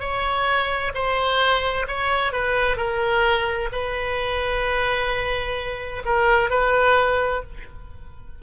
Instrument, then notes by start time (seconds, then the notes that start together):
oboe
0.00 C#5
0.94 C5
1.88 C#5
2.32 B4
2.77 A#4
3.72 B4
6.05 A#4
6.50 B4